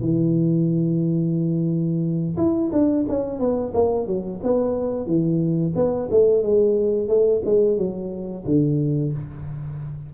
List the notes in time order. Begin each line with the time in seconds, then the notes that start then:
0.00 E3
2.37 E4
2.72 D4
3.08 C#4
3.39 B3
3.74 A#3
4.06 F#3
4.42 B3
5.06 E3
5.75 B3
6.10 A3
6.42 G#3
7.08 A3
7.45 G#3
7.77 F#3
8.45 D3